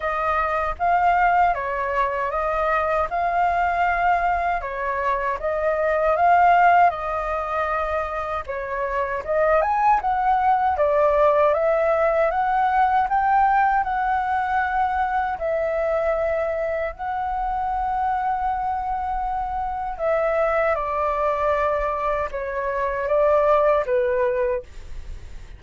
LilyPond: \new Staff \with { instrumentName = "flute" } { \time 4/4 \tempo 4 = 78 dis''4 f''4 cis''4 dis''4 | f''2 cis''4 dis''4 | f''4 dis''2 cis''4 | dis''8 gis''8 fis''4 d''4 e''4 |
fis''4 g''4 fis''2 | e''2 fis''2~ | fis''2 e''4 d''4~ | d''4 cis''4 d''4 b'4 | }